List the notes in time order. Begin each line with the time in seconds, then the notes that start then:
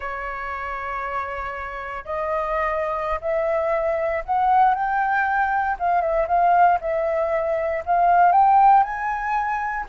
0.00 C#5
2.04 D#5
3.21 E5
4.25 F#5
4.74 G5
5.79 F5
6.01 E5
6.27 F5
6.81 E5
7.85 F5
8.32 G5
8.83 G#5